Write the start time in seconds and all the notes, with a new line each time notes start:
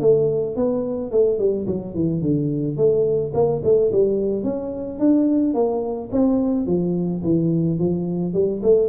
0.00 A3
0.56 B3
1.11 A3
1.38 G3
1.66 F#3
1.94 E3
2.21 D3
2.77 A3
3.34 A#3
3.64 A3
3.92 G3
4.43 C#4
4.99 D4
5.54 A#3
6.12 C4
6.66 F3
7.23 E3
7.79 F3
8.33 G3
8.62 A3